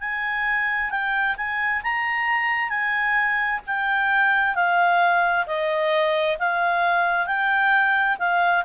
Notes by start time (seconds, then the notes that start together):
0.00 G#5
0.90 G5
1.37 G#5
1.83 A#5
2.69 G#5
3.67 G5
4.55 F5
5.47 D#5
6.39 F5
7.26 G5
8.19 F5